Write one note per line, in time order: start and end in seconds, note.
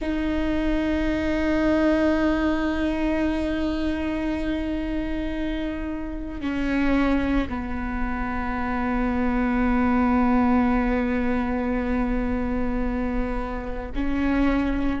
0.01 6.40 D#4
6.40 7.48 C#4
7.49 13.91 B3
13.95 15.00 C#4